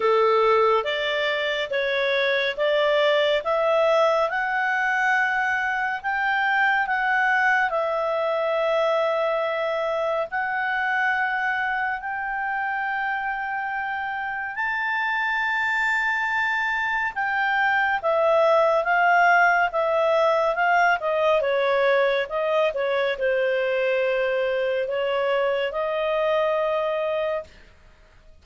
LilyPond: \new Staff \with { instrumentName = "clarinet" } { \time 4/4 \tempo 4 = 70 a'4 d''4 cis''4 d''4 | e''4 fis''2 g''4 | fis''4 e''2. | fis''2 g''2~ |
g''4 a''2. | g''4 e''4 f''4 e''4 | f''8 dis''8 cis''4 dis''8 cis''8 c''4~ | c''4 cis''4 dis''2 | }